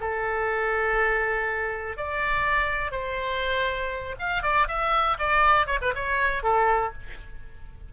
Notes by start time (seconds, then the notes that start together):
0.00 A4
1.97 D5
2.91 C5
4.19 F5
4.42 D5
4.68 E5
5.18 D5
5.66 C#5
5.81 B4
5.95 C#5
6.43 A4